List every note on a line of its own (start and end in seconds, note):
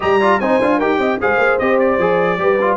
0.00 0.40 G3
0.00 0.20 G4
0.00 0.20 D#5
0.00 0.40 A#5
0.20 0.41 F4
0.20 0.40 D5
0.40 0.60 C4
0.40 0.61 D#4
0.40 0.78 C5
0.40 0.80 G#5
0.61 0.81 D4
0.61 0.81 F4
0.78 0.98 D#4
0.78 1.20 G4
0.78 0.98 A#4
0.78 1.20 G5
0.98 1.18 C4
0.98 1.20 D#5
1.20 1.38 G#3
1.20 1.60 G#4
1.20 2.40 C5
1.20 1.59 F5
1.38 1.58 A#3
1.59 1.98 C4
1.59 1.99 G4
1.59 1.79 D#5
1.79 2.77 D5
1.98 2.37 F3
1.98 2.39 G#4
2.37 2.77 G3
2.37 2.58 G4
2.37 2.77 B4
2.61 2.77 F4